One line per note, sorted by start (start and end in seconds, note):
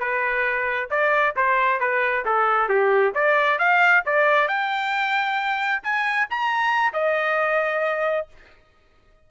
0.00 0.90 B4
0.91 1.36 D5
1.36 1.81 C5
1.81 2.25 B4
2.26 2.69 A4
2.69 3.14 G4
3.15 3.59 D5
3.59 4.04 F5
4.06 4.48 D5
4.48 5.83 G5
5.83 6.28 G#5
6.30 6.94 A#5
6.94 8.28 D#5